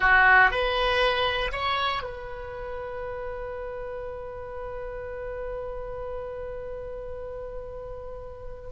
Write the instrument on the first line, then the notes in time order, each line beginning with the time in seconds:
oboe
0.00 F#4
0.50 B4
1.52 C#5
2.02 B4